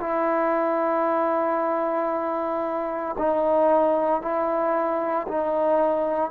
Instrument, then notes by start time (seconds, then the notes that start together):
trombone
0.00 E4
3.18 D#4
4.22 E4
5.28 D#4